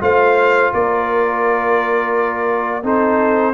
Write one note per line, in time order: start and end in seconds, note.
0.00 0.72 A3
0.00 2.82 F4
0.00 0.73 C5
0.00 0.73 F5
0.73 2.83 A#3
0.73 2.83 A#4
0.73 2.85 D5
2.83 3.53 C4
2.83 3.54 D#4
2.83 3.54 A4
2.83 3.54 C5